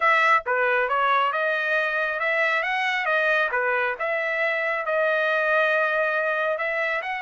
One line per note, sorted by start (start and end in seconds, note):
0.00 0.43 E5
0.45 0.89 B4
0.89 1.32 C#5
1.32 2.19 D#5
2.19 2.62 E5
2.62 3.05 F#5
3.05 3.49 D#5
3.51 3.95 B4
3.99 4.85 E5
4.85 6.58 D#5
6.58 7.01 E5
7.02 7.22 F#5